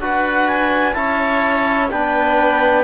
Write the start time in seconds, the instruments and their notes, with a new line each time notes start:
0.00 cello D4, trombone F#4, viola B4, clarinet F#5
0.48 clarinet G#5
0.93 cello C#4, trombone E4, viola C#5, clarinet A5
1.90 cello B3, trombone D4, viola B4, clarinet G5